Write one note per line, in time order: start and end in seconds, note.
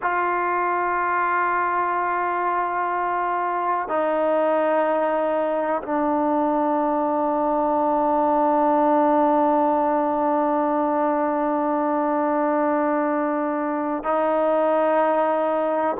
0.02 3.88 F4
3.88 5.82 D#4
5.82 14.03 D4
14.03 15.97 D#4